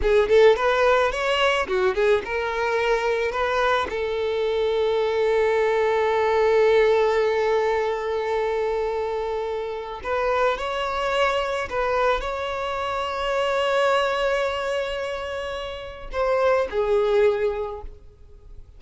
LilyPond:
\new Staff \with { instrumentName = "violin" } { \time 4/4 \tempo 4 = 108 gis'8 a'8 b'4 cis''4 fis'8 gis'8 | ais'2 b'4 a'4~ | a'1~ | a'1~ |
a'2 b'4 cis''4~ | cis''4 b'4 cis''2~ | cis''1~ | cis''4 c''4 gis'2 | }